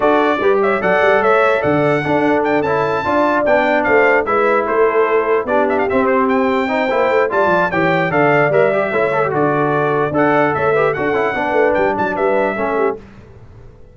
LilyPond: <<
  \new Staff \with { instrumentName = "trumpet" } { \time 4/4 \tempo 4 = 148 d''4. e''8 fis''4 e''4 | fis''2 g''8 a''4.~ | a''8 g''4 f''4 e''4 c''8~ | c''4. d''8 e''16 f''16 e''8 c''8 g''8~ |
g''2 a''4 g''4 | f''4 e''2 d''4~ | d''4 fis''4 e''4 fis''4~ | fis''4 g''8 a''8 e''2 | }
  \new Staff \with { instrumentName = "horn" } { \time 4/4 a'4 b'8 cis''8 d''4 cis''4 | d''4 a'2~ a'8 d''8~ | d''4. c''4 b'4 a'8~ | a'4. g'2~ g'8~ |
g'8 c''4. d''4 cis''4 | d''2 cis''4 a'4~ | a'4 d''4 cis''8 b'8 a'4 | b'4. d''8 b'4 a'8 g'8 | }
  \new Staff \with { instrumentName = "trombone" } { \time 4/4 fis'4 g'4 a'2~ | a'4 d'4. e'4 f'8~ | f'8 d'2 e'4.~ | e'4. d'4 c'4.~ |
c'8 dis'8 e'4 f'4 g'4 | a'4 ais'8 g'8 e'8 a'16 g'16 fis'4~ | fis'4 a'4. g'8 fis'8 e'8 | d'2. cis'4 | }
  \new Staff \with { instrumentName = "tuba" } { \time 4/4 d'4 g4 fis8 g8 a4 | d4 d'4. cis'4 d'8~ | d'8 b4 a4 gis4 a8~ | a4. b4 c'4.~ |
c'4 ais8 a8 g8 f8 e4 | d4 g4 a4 d4~ | d4 d'4 a4 d'8 cis'8 | b8 a8 g8 fis8 g4 a4 | }
>>